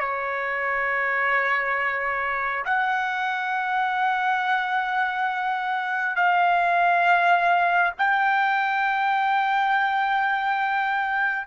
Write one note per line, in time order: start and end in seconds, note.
0.00 2.65 C#5
2.66 6.16 F#5
6.16 7.93 F5
7.98 11.47 G5